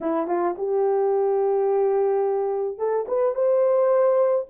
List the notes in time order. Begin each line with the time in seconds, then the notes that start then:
0.00 E4
0.27 F4
0.57 G4
2.78 A4
3.08 B4
3.34 C5